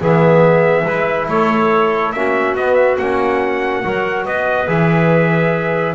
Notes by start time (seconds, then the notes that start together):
0.00 E3 B3 G#4 E5
0.84 G#3 E4 B4
1.28 A3 A4 C#5
2.12 A#3 C#4 F#4 E5
2.55 B3 D#5
2.75 E5
2.99 A#3 C#4 F#5
3.84 F#3 F#4 A#4
4.26 B3 B4 D#5
4.67 E3 G#4 E5